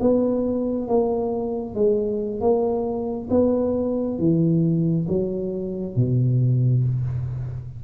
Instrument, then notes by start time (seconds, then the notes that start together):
tuba
0.00 B3
0.88 A#3
1.74 G#3
2.41 A#3
3.30 B3
4.18 E3
5.08 F#3
5.96 B2